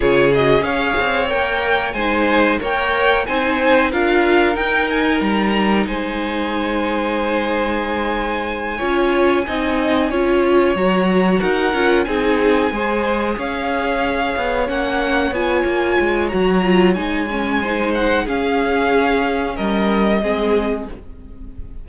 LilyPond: <<
  \new Staff \with { instrumentName = "violin" } { \time 4/4 \tempo 4 = 92 cis''8 dis''8 f''4 g''4 gis''4 | g''4 gis''4 f''4 g''8 gis''8 | ais''4 gis''2.~ | gis''1~ |
gis''8 ais''4 fis''4 gis''4.~ | gis''8 f''2 fis''4 gis''8~ | gis''4 ais''4 gis''4. fis''8 | f''2 dis''2 | }
  \new Staff \with { instrumentName = "violin" } { \time 4/4 gis'4 cis''2 c''4 | cis''4 c''4 ais'2~ | ais'4 c''2.~ | c''4. cis''4 dis''4 cis''8~ |
cis''4. ais'4 gis'4 c''8~ | c''8 cis''2.~ cis''8~ | cis''2. c''4 | gis'2 ais'4 gis'4 | }
  \new Staff \with { instrumentName = "viola" } { \time 4/4 f'8 fis'8 gis'4 ais'4 dis'4 | ais'4 dis'4 f'4 dis'4~ | dis'1~ | dis'4. f'4 dis'4 f'8~ |
f'8 fis'4. f'8 dis'4 gis'8~ | gis'2~ gis'8 cis'4 f'8~ | f'4 fis'8 f'8 dis'8 cis'8 dis'4 | cis'2. c'4 | }
  \new Staff \with { instrumentName = "cello" } { \time 4/4 cis4 cis'8 c'8 ais4 gis4 | ais4 c'4 d'4 dis'4 | g4 gis2.~ | gis4. cis'4 c'4 cis'8~ |
cis'8 fis4 dis'8 cis'8 c'4 gis8~ | gis8 cis'4. b8 ais4 b8 | ais8 gis8 fis4 gis2 | cis'2 g4 gis4 | }
>>